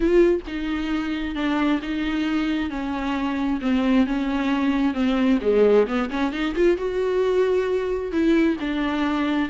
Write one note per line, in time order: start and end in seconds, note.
0.00 0.41 F4
0.47 1.35 D#4
1.35 1.80 D4
1.82 2.69 D#4
2.69 3.60 C#4
3.61 4.06 C4
4.06 4.94 C#4
4.94 5.39 C4
5.41 5.86 G#3
5.87 6.09 B3
6.10 6.32 C#4
6.32 6.54 D#4
6.55 6.77 F4
6.77 8.11 F#4
8.11 8.57 E4
8.60 9.49 D4